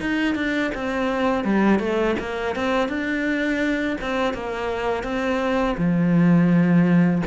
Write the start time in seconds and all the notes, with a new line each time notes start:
0.00 D#4
0.35 D4
0.74 C4
1.44 G3
1.79 A3
2.19 A#3
2.55 C4
2.88 D4
4.01 C4
4.33 A#3
5.03 C4
5.77 F3